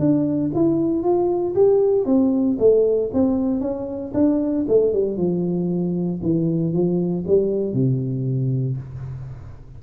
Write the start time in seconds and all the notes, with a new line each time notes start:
0.00 D4
0.55 E4
1.03 F4
1.55 G4
2.06 C4
2.59 A3
3.14 C4
3.61 C#4
4.14 D4
4.69 A3
4.93 G3
5.17 F3
6.23 E3
6.73 F3
7.27 G3
7.74 C3